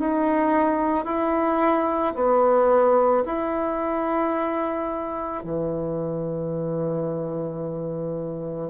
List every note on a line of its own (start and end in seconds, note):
0.00 1.06 D#4
1.06 2.15 E4
2.15 3.24 B3
3.26 5.44 E4
5.44 8.70 E3